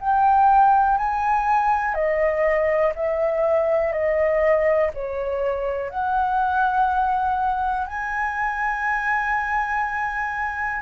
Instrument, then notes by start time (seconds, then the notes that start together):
flute
0.00 G5
0.98 G#5
1.94 D#5
2.96 E5
3.93 D#5
4.94 C#5
5.90 F#5
7.87 G#5